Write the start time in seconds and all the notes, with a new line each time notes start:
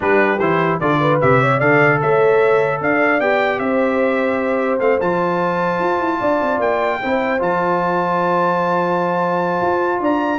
0.00 G3 D4 G4 B4
0.39 E3 E4 C5
0.79 D3 F4 A4 D5
1.00 B4
1.21 C3 G4 E5
1.40 C#5
1.58 D3 A4 D5 F5
2.00 A3 C#5 E5
2.81 D4 D5 F5
3.20 B3 G4 G5
3.59 C4 C5 E5
4.79 A3 C4 F5
5.00 F3 F4 A5
5.79 F4
5.99 E4
6.19 D4 D5
6.42 C4
6.59 A#3 G5
7.00 C4 E4 C5
7.39 F3 F4 A5
9.61 F4
9.99 D4 D5 A#5